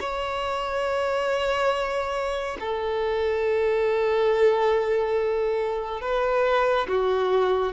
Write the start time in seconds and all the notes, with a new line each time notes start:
0.00 C#5
2.60 A4
6.01 B4
6.88 F#4